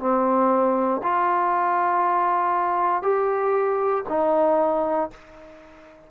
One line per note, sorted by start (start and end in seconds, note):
0.00 1.02 C4
1.03 3.03 F4
3.03 4.04 G4
4.09 5.11 D#4